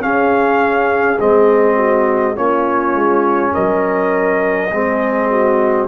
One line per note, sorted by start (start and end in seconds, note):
0.00 1.18 C#4
0.00 1.76 G#4
0.00 1.19 F5
1.19 2.37 G#3
1.19 2.35 C4
1.19 2.37 D#5
1.76 2.35 F#4
2.35 2.94 A#3
2.35 4.70 C#4
2.35 3.52 F4
2.35 3.54 C#5
2.94 3.53 G#3
3.52 4.72 F#3
3.52 4.70 A#4
3.52 5.88 D#5
4.71 5.88 G#3
4.71 5.88 C4
4.71 5.30 G#4
5.30 5.88 F#4